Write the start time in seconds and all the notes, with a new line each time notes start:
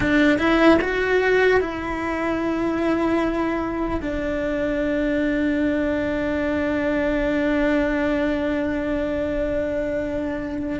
0.00 D4
0.38 E4
0.81 F#4
1.60 E4
4.01 D4